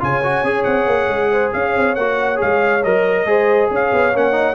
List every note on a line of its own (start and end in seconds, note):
0.00 0.43 C#3
0.00 0.22 F4
0.00 1.31 C#5
0.00 0.64 G#5
0.23 0.45 F#4
0.43 0.65 C#4
0.43 1.97 G#4
0.64 0.87 C4
0.64 1.51 F#5
0.87 1.08 A#3
1.08 1.52 G#3
1.31 1.53 C5
1.53 1.75 C#4
1.53 3.28 C#5
1.53 1.95 F5
1.75 1.97 C4
1.95 2.40 A#3
1.95 2.36 F#4
1.95 2.39 F#5
2.36 2.79 G#4
2.36 2.83 F5
2.42 2.85 G#3
2.83 3.25 F#3
2.83 3.26 A#4
2.83 3.70 D#5
3.25 3.69 G#3
3.25 4.13 G#4
3.25 3.71 C5
3.71 3.92 C#4
3.71 4.55 C#5
3.71 4.17 F5
3.93 4.14 B3
4.14 4.55 A#3
4.14 4.32 C#4
4.14 4.55 F#5
4.32 4.54 D#4